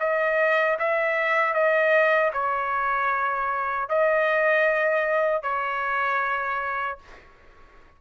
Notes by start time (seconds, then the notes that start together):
0.00 D#5
0.79 E5
1.54 D#5
2.33 C#5
3.90 D#5
5.43 C#5